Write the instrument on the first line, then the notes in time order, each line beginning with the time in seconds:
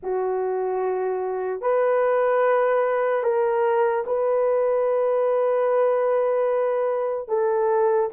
horn
0.02 F#4
1.61 B4
3.23 A#4
4.06 B4
7.28 A4